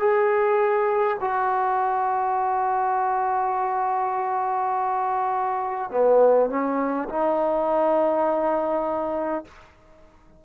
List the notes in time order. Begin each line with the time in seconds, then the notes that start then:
0.00 G#4
1.20 F#4
5.91 B3
6.50 C#4
7.09 D#4